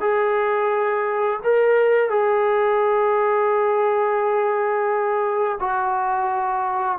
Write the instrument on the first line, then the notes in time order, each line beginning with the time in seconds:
trombone
0.00 G#4
1.43 A#4
2.09 G#4
5.59 F#4